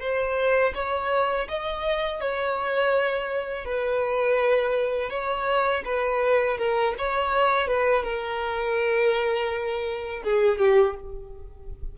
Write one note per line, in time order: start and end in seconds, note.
0.00 0.73 C5
0.74 1.47 C#5
1.48 2.21 D#5
2.21 3.65 C#5
3.65 5.10 B4
5.10 5.83 C#5
5.85 6.58 B4
6.58 6.94 A#4
6.98 7.67 C#5
7.67 8.03 B4
8.03 10.23 A#4
10.23 10.58 G#4
10.58 10.95 G4